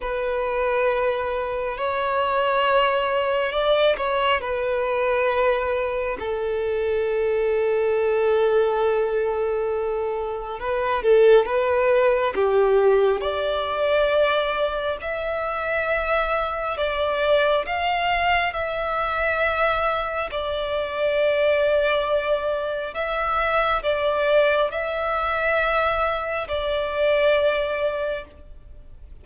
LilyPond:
\new Staff \with { instrumentName = "violin" } { \time 4/4 \tempo 4 = 68 b'2 cis''2 | d''8 cis''8 b'2 a'4~ | a'1 | b'8 a'8 b'4 g'4 d''4~ |
d''4 e''2 d''4 | f''4 e''2 d''4~ | d''2 e''4 d''4 | e''2 d''2 | }